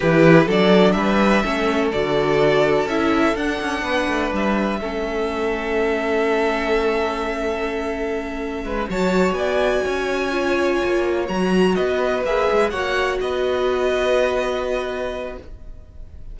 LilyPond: <<
  \new Staff \with { instrumentName = "violin" } { \time 4/4 \tempo 4 = 125 b'4 d''4 e''2 | d''2 e''4 fis''4~ | fis''4 e''2.~ | e''1~ |
e''2~ e''8 a''4 gis''8~ | gis''2.~ gis''8 ais''8~ | ais''8 dis''4 e''4 fis''4 dis''8~ | dis''1 | }
  \new Staff \with { instrumentName = "violin" } { \time 4/4 g'4 a'4 b'4 a'4~ | a'1 | b'2 a'2~ | a'1~ |
a'2 b'8 cis''4 d''8~ | d''8 cis''2.~ cis''8~ | cis''8 b'2 cis''4 b'8~ | b'1 | }
  \new Staff \with { instrumentName = "viola" } { \time 4/4 e'4 d'2 cis'4 | fis'2 e'4 d'4~ | d'2 cis'2~ | cis'1~ |
cis'2~ cis'8 fis'4.~ | fis'4. f'2 fis'8~ | fis'4. gis'4 fis'4.~ | fis'1 | }
  \new Staff \with { instrumentName = "cello" } { \time 4/4 e4 fis4 g4 a4 | d2 cis'4 d'8 cis'8 | b8 a8 g4 a2~ | a1~ |
a2 gis8 fis4 b8~ | b8 cis'2 ais4 fis8~ | fis8 b4 ais8 gis8 ais4 b8~ | b1 | }
>>